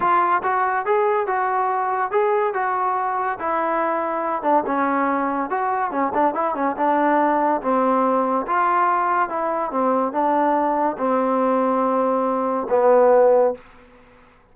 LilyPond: \new Staff \with { instrumentName = "trombone" } { \time 4/4 \tempo 4 = 142 f'4 fis'4 gis'4 fis'4~ | fis'4 gis'4 fis'2 | e'2~ e'8 d'8 cis'4~ | cis'4 fis'4 cis'8 d'8 e'8 cis'8 |
d'2 c'2 | f'2 e'4 c'4 | d'2 c'2~ | c'2 b2 | }